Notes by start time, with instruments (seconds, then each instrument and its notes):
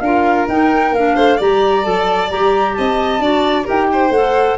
0.00 tuba D4, clarinet F4, violin A#4, flute F5
0.48 tuba D#4, clarinet D#4, flute G5
0.92 tuba A#3, clarinet D4, flute F5
1.15 tuba A3, violin C5
1.36 tuba G3, clarinet G4, violin D5, flute A#5
1.82 tuba F#3, clarinet A4, flute A5
2.29 tuba G3, clarinet G4, flute A#5
2.73 tuba C4, violin D#5, flute A5
3.19 tuba D4, clarinet F#4, violin D5
3.63 tuba D#4, clarinet G4, violin A#4, flute G5
3.92 violin C5
4.09 tuba A3, clarinet A4, flute F#5